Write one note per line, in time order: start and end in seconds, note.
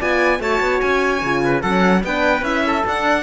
0.00 0.40 B3
0.00 0.40 F4
0.00 0.41 D5
0.00 0.42 G#5
0.40 0.60 A3
0.40 1.22 F#4
0.40 1.43 C#5
0.40 0.81 A5
0.61 0.81 B3
0.81 1.22 C#4
0.81 1.62 G#5
1.22 1.63 C#3
1.22 1.64 F4
1.45 1.62 B4
1.62 2.04 F#3
1.62 2.05 C#4
1.62 2.03 A4
1.62 2.03 F#5
2.04 2.42 B3
2.04 2.42 D4
2.04 2.67 B4
2.04 2.44 G5
2.42 2.83 C#4
2.42 2.83 E4
2.42 2.85 E5
2.67 3.23 A4
2.86 3.23 D4
2.86 3.23 F#5